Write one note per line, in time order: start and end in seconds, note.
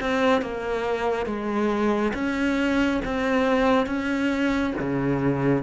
0.00 0.41 C4
0.41 1.26 A#3
1.26 2.13 G#3
2.14 3.01 C#4
3.04 3.86 C4
3.86 4.73 C#4
4.79 5.62 C#3